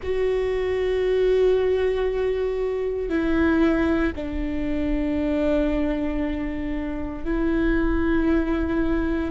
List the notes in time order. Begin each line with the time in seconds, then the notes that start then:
0.03 F#4
3.09 E4
4.15 D4
7.24 E4